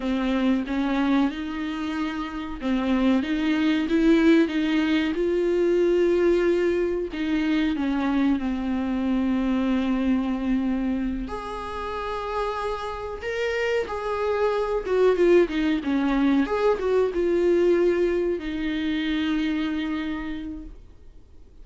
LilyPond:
\new Staff \with { instrumentName = "viola" } { \time 4/4 \tempo 4 = 93 c'4 cis'4 dis'2 | c'4 dis'4 e'4 dis'4 | f'2. dis'4 | cis'4 c'2.~ |
c'4. gis'2~ gis'8~ | gis'8 ais'4 gis'4. fis'8 f'8 | dis'8 cis'4 gis'8 fis'8 f'4.~ | f'8 dis'2.~ dis'8 | }